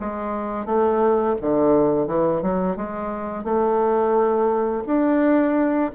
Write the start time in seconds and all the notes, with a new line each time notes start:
0.00 G#3
0.66 A3
1.41 D3
2.07 E3
2.42 F#3
2.77 G#3
3.44 A3
4.86 D4